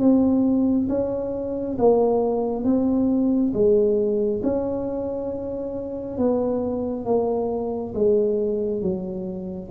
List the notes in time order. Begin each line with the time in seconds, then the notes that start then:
0.00 C4
0.89 C#4
1.78 A#3
2.64 C4
3.54 G#3
4.44 C#4
6.18 B3
7.05 A#3
7.95 G#3
8.82 F#3